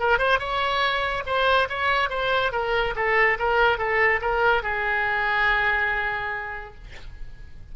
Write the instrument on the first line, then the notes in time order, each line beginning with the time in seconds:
oboe
0.00 A#4
0.19 C5
0.40 C#5
1.26 C5
1.70 C#5
2.10 C5
2.53 A#4
2.96 A4
3.39 A#4
3.78 A4
4.22 A#4
4.63 G#4